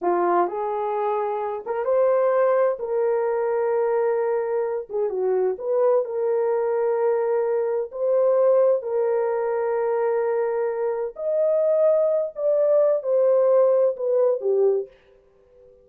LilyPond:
\new Staff \with { instrumentName = "horn" } { \time 4/4 \tempo 4 = 129 f'4 gis'2~ gis'8 ais'8 | c''2 ais'2~ | ais'2~ ais'8 gis'8 fis'4 | b'4 ais'2.~ |
ais'4 c''2 ais'4~ | ais'1 | dis''2~ dis''8 d''4. | c''2 b'4 g'4 | }